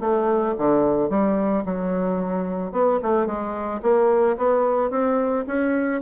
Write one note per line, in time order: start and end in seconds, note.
0.00 0.54 A3
0.58 1.09 D3
1.09 1.64 G3
1.65 2.72 F#3
2.72 2.99 B3
3.02 3.26 A3
3.26 3.81 G#3
3.82 4.37 A#3
4.37 4.90 B3
4.90 5.45 C4
5.47 6.01 C#4